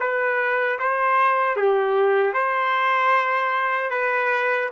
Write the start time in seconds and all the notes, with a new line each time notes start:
0.00 B4
0.79 C5
1.56 G4
2.34 C5
3.91 B4